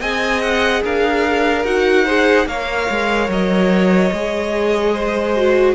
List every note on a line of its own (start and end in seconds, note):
0.00 0.82 C4
0.00 1.64 G#4
0.00 0.83 D#5
0.00 0.41 G#5
0.41 0.83 F#5
0.83 1.64 D4
0.83 2.05 A#4
0.83 1.65 F5
1.64 2.46 D#4
1.64 2.05 F#4
1.64 2.47 F#5
2.05 2.47 G#4
2.05 2.46 C5
2.46 2.87 A#3
2.46 4.12 A#4
2.46 4.93 C#5
2.46 3.30 F5
2.90 3.28 G#3
3.28 4.10 F#3
3.28 5.75 D#5
4.12 5.75 G#3
4.12 5.36 G#4
4.93 5.75 C5
5.36 5.75 F#4